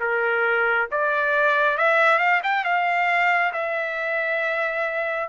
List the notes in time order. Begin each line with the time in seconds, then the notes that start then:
0.00 A#4
0.91 D5
1.77 E5
2.19 F5
2.43 G5
2.64 F5
3.53 E5